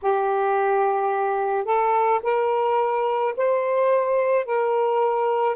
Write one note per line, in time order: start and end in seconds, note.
0.02 1.65 G4
1.65 2.20 A4
2.22 3.33 A#4
3.36 4.44 C5
4.44 5.56 A#4